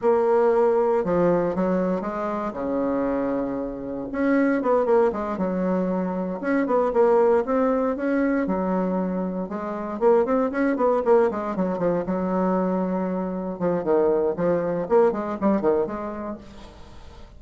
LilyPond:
\new Staff \with { instrumentName = "bassoon" } { \time 4/4 \tempo 4 = 117 ais2 f4 fis4 | gis4 cis2. | cis'4 b8 ais8 gis8 fis4.~ | fis8 cis'8 b8 ais4 c'4 cis'8~ |
cis'8 fis2 gis4 ais8 | c'8 cis'8 b8 ais8 gis8 fis8 f8 fis8~ | fis2~ fis8 f8 dis4 | f4 ais8 gis8 g8 dis8 gis4 | }